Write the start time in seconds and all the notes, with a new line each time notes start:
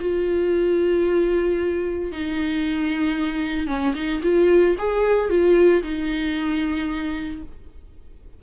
0.00 F4
2.12 D#4
3.68 C#4
3.95 D#4
4.23 F4
4.79 G#4
5.30 F4
5.83 D#4